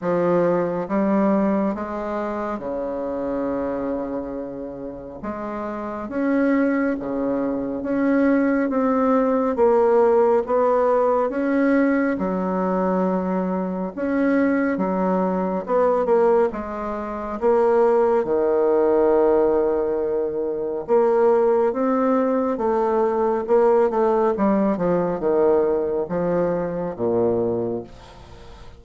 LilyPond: \new Staff \with { instrumentName = "bassoon" } { \time 4/4 \tempo 4 = 69 f4 g4 gis4 cis4~ | cis2 gis4 cis'4 | cis4 cis'4 c'4 ais4 | b4 cis'4 fis2 |
cis'4 fis4 b8 ais8 gis4 | ais4 dis2. | ais4 c'4 a4 ais8 a8 | g8 f8 dis4 f4 ais,4 | }